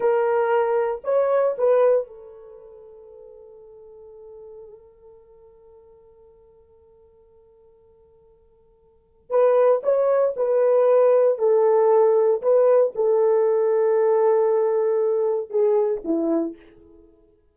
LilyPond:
\new Staff \with { instrumentName = "horn" } { \time 4/4 \tempo 4 = 116 ais'2 cis''4 b'4 | a'1~ | a'1~ | a'1~ |
a'2 b'4 cis''4 | b'2 a'2 | b'4 a'2.~ | a'2 gis'4 e'4 | }